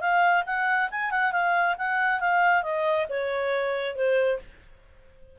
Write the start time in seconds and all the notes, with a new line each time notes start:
0.00 F5
0.46 F#5
0.91 G#5
1.11 F#5
1.32 F5
1.78 F#5
2.20 F5
2.63 D#5
3.09 C#5
3.95 C5